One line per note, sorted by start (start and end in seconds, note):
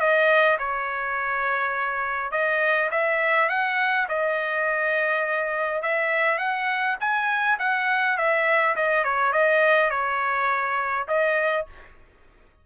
0.00 0.58 D#5
0.59 2.32 C#5
2.32 2.90 D#5
2.91 3.50 E5
3.50 4.08 F#5
4.09 5.83 D#5
5.83 6.39 E5
6.39 6.97 F#5
7.00 7.59 G#5
7.59 8.18 F#5
8.18 8.76 E5
8.76 9.05 D#5
9.05 9.33 C#5
9.33 9.91 D#5
9.91 11.07 C#5
11.08 11.66 D#5